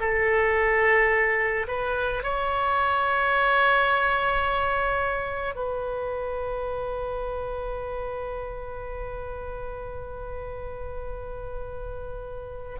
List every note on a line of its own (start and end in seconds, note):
0.00 1.67 A4
1.68 2.23 B4
2.23 5.55 C#5
5.55 12.77 B4